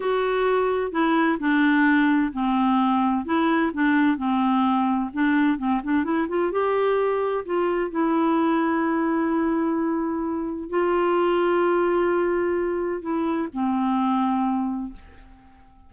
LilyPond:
\new Staff \with { instrumentName = "clarinet" } { \time 4/4 \tempo 4 = 129 fis'2 e'4 d'4~ | d'4 c'2 e'4 | d'4 c'2 d'4 | c'8 d'8 e'8 f'8 g'2 |
f'4 e'2.~ | e'2. f'4~ | f'1 | e'4 c'2. | }